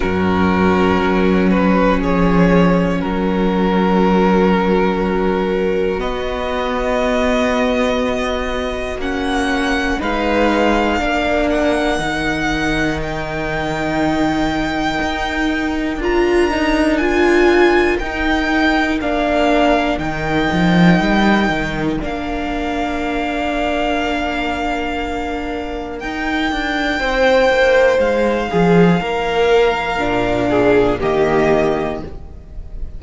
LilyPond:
<<
  \new Staff \with { instrumentName = "violin" } { \time 4/4 \tempo 4 = 60 ais'4. b'8 cis''4 ais'4~ | ais'2 dis''2~ | dis''4 fis''4 f''4. fis''8~ | fis''4 g''2. |
ais''4 gis''4 g''4 f''4 | g''2 f''2~ | f''2 g''2 | f''2. dis''4 | }
  \new Staff \with { instrumentName = "violin" } { \time 4/4 fis'2 gis'4 fis'4~ | fis'1~ | fis'2 b'4 ais'4~ | ais'1~ |
ais'1~ | ais'1~ | ais'2. c''4~ | c''8 gis'8 ais'4. gis'8 g'4 | }
  \new Staff \with { instrumentName = "viola" } { \time 4/4 cis'1~ | cis'2 b2~ | b4 cis'4 dis'4 d'4 | dis'1 |
f'8 dis'8 f'4 dis'4 d'4 | dis'2 d'2~ | d'2 dis'2~ | dis'2 d'4 ais4 | }
  \new Staff \with { instrumentName = "cello" } { \time 4/4 fis,4 fis4 f4 fis4~ | fis2 b2~ | b4 ais4 gis4 ais4 | dis2. dis'4 |
d'2 dis'4 ais4 | dis8 f8 g8 dis8 ais2~ | ais2 dis'8 d'8 c'8 ais8 | gis8 f8 ais4 ais,4 dis4 | }
>>